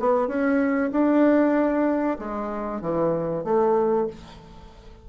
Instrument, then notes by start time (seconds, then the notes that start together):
bassoon
0.00 B3
0.28 C#4
0.92 D4
2.19 G#3
2.82 E3
3.45 A3